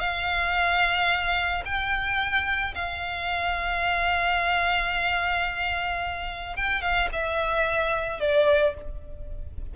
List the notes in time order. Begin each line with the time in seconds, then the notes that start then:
0.00 F5
1.66 G5
2.75 F5
6.57 G5
6.82 F5
7.13 E5
8.20 D5